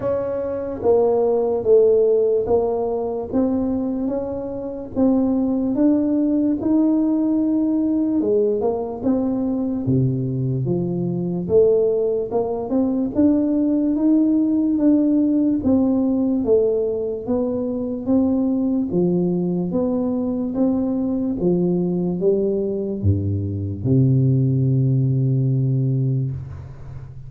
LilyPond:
\new Staff \with { instrumentName = "tuba" } { \time 4/4 \tempo 4 = 73 cis'4 ais4 a4 ais4 | c'4 cis'4 c'4 d'4 | dis'2 gis8 ais8 c'4 | c4 f4 a4 ais8 c'8 |
d'4 dis'4 d'4 c'4 | a4 b4 c'4 f4 | b4 c'4 f4 g4 | g,4 c2. | }